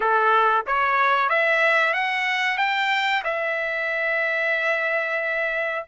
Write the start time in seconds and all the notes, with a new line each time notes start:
0.00 A4
0.66 C#5
1.29 E5
1.93 F#5
2.57 G5
3.24 E5